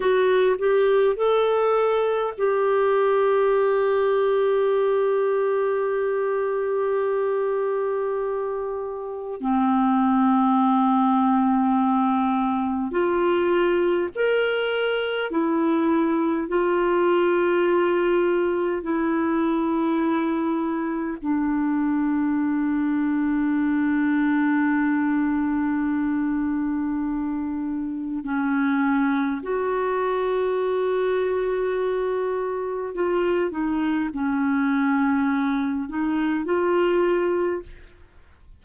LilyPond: \new Staff \with { instrumentName = "clarinet" } { \time 4/4 \tempo 4 = 51 fis'8 g'8 a'4 g'2~ | g'1 | c'2. f'4 | ais'4 e'4 f'2 |
e'2 d'2~ | d'1 | cis'4 fis'2. | f'8 dis'8 cis'4. dis'8 f'4 | }